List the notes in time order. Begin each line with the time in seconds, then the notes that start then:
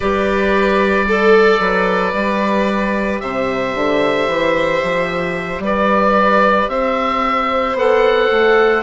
0.00 G3 G4 B4 D5
1.08 A4
1.59 F#3 B4
2.12 G3 G4
3.19 C3 C5 E5
3.74 D3
4.27 E3
4.83 F3
5.59 G3 B4
5.66 D5
6.67 C4 C5 E5
7.74 B3 A4 F#5
8.31 A3